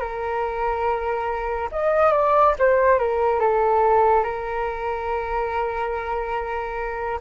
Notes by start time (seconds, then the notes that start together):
0.00 A#4
1.71 D#5
2.12 D5
2.59 C5
2.99 A#4
3.40 A4
4.24 A#4